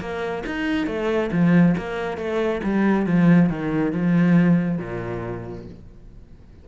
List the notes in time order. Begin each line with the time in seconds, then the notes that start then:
0.00 A#3
0.46 D#4
0.86 A3
1.32 F3
1.77 A#3
2.17 A3
2.63 G3
3.06 F3
3.49 D#3
3.92 F3
4.78 A#2